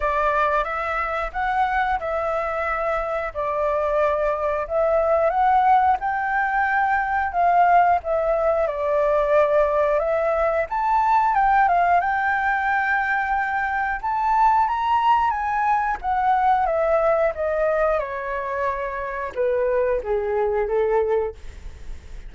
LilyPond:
\new Staff \with { instrumentName = "flute" } { \time 4/4 \tempo 4 = 90 d''4 e''4 fis''4 e''4~ | e''4 d''2 e''4 | fis''4 g''2 f''4 | e''4 d''2 e''4 |
a''4 g''8 f''8 g''2~ | g''4 a''4 ais''4 gis''4 | fis''4 e''4 dis''4 cis''4~ | cis''4 b'4 gis'4 a'4 | }